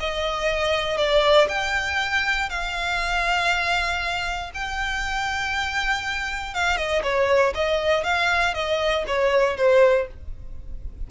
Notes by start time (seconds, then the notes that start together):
0.00 D#5
0.98 D5
1.49 G5
2.50 F5
4.54 G5
6.54 F5
6.77 D#5
7.03 C#5
7.55 D#5
8.04 F5
8.54 D#5
9.07 C#5
9.57 C5